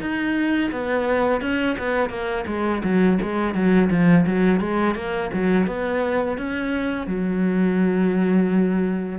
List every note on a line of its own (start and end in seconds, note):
0.00 0.71 D#4
0.72 1.41 B3
1.41 1.76 C#4
1.78 2.10 B3
2.10 2.45 A#3
2.47 2.82 G#3
2.83 3.19 F#3
3.22 3.54 G#3
3.54 3.90 F#3
3.90 4.25 F3
4.26 4.60 F#3
4.60 4.95 G#3
4.95 5.30 A#3
5.33 5.67 F#3
5.67 6.37 B3
6.38 7.07 C#4
7.07 9.19 F#3